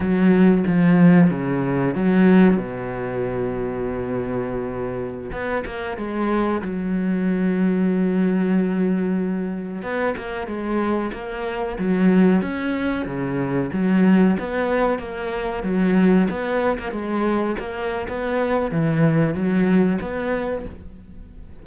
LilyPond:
\new Staff \with { instrumentName = "cello" } { \time 4/4 \tempo 4 = 93 fis4 f4 cis4 fis4 | b,1~ | b,16 b8 ais8 gis4 fis4.~ fis16~ | fis2.~ fis16 b8 ais16~ |
ais16 gis4 ais4 fis4 cis'8.~ | cis'16 cis4 fis4 b4 ais8.~ | ais16 fis4 b8. ais16 gis4 ais8. | b4 e4 fis4 b4 | }